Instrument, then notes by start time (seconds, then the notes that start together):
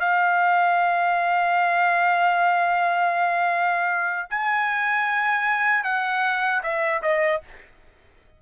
trumpet
0.00 F5
4.30 G#5
5.84 F#5
6.63 E5
7.02 D#5